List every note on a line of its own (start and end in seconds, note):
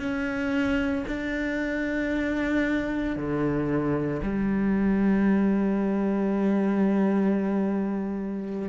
0.00 1.05 C#4
1.07 3.16 D4
3.16 4.22 D3
4.23 8.69 G3